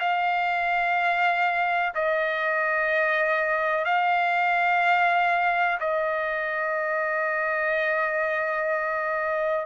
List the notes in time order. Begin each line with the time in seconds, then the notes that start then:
0.00 F5
1.95 D#5
3.85 F5
5.80 D#5